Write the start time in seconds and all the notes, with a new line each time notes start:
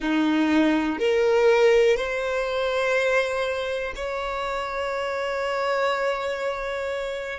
0.00 D#4
0.98 A#4
1.97 C5
3.95 C#5